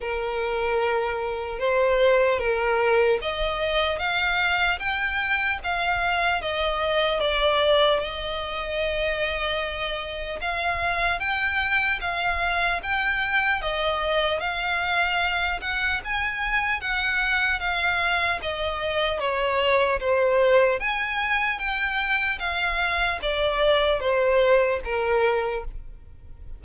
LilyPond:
\new Staff \with { instrumentName = "violin" } { \time 4/4 \tempo 4 = 75 ais'2 c''4 ais'4 | dis''4 f''4 g''4 f''4 | dis''4 d''4 dis''2~ | dis''4 f''4 g''4 f''4 |
g''4 dis''4 f''4. fis''8 | gis''4 fis''4 f''4 dis''4 | cis''4 c''4 gis''4 g''4 | f''4 d''4 c''4 ais'4 | }